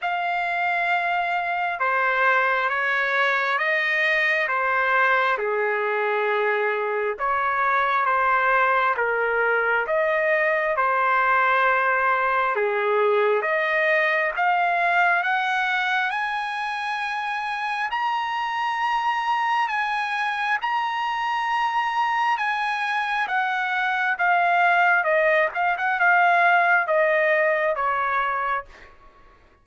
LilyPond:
\new Staff \with { instrumentName = "trumpet" } { \time 4/4 \tempo 4 = 67 f''2 c''4 cis''4 | dis''4 c''4 gis'2 | cis''4 c''4 ais'4 dis''4 | c''2 gis'4 dis''4 |
f''4 fis''4 gis''2 | ais''2 gis''4 ais''4~ | ais''4 gis''4 fis''4 f''4 | dis''8 f''16 fis''16 f''4 dis''4 cis''4 | }